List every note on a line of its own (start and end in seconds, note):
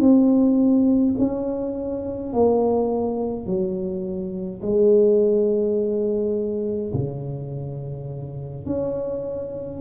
0.00 1.15 C4
1.19 2.33 C#4
2.33 3.47 A#3
3.47 4.62 F#3
4.62 6.93 G#3
6.94 8.66 C#3
8.66 9.81 C#4